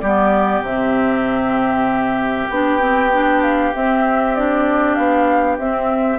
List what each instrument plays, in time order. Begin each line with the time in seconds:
0.00 bassoon G3, clarinet B3, oboe G4, flute D5
0.61 bassoon C3, clarinet C4, flute E5
2.50 bassoon B3, clarinet D4, flute G5
2.80 clarinet C4
3.13 clarinet D4
3.43 flute F5
3.74 clarinet C4, bassoon C4, flute E5
4.36 clarinet D4, flute D5
4.95 bassoon B3, flute F5
5.58 bassoon C4, clarinet C4, flute E5